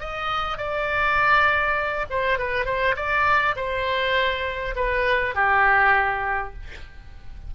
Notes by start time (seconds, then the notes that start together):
0.00 D#5
0.58 D5
2.10 C5
2.38 B4
2.65 C5
2.96 D5
3.56 C5
4.76 B4
5.35 G4